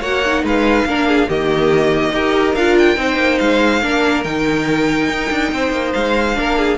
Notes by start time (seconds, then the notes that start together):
0.00 A#3 F#4 C#5 F#5
0.25 D#4
0.43 G#3 B4 F5
0.85 A#3 D4 A#4
1.08 G#4
1.28 D#3 A#3 G4 D#5
2.11 D#4 G4 A#4
2.54 D4 F4 F5
2.78 G5
2.96 C4 D#4 C5
3.16 A#3
3.38 G#3 F5
3.82 A#3 D4 A#4
4.23 D#3 D#4 G5
5.08 D#4
5.30 D4
5.52 C4 C5
5.71 A#3
5.93 G#3 F5
6.34 A#3 D4 A#4
6.58 G#4